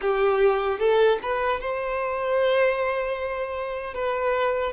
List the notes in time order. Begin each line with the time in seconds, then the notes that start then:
0.01 G4
0.79 A4
1.22 B4
1.60 C5
3.94 B4